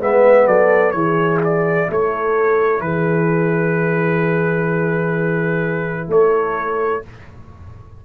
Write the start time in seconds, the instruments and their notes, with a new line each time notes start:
0.00 tuba G#3, trombone B3, horn B4, trumpet E5
0.47 tuba F#3, horn A4, trumpet D5
0.91 tuba E3, trombone E4, horn G#4, trumpet C#5
1.44 trumpet D5
1.90 tuba A3, horn A4, trumpet C#5
2.80 tuba E3, horn G#4, trumpet B4
6.08 tuba A3, horn A4, trumpet C#5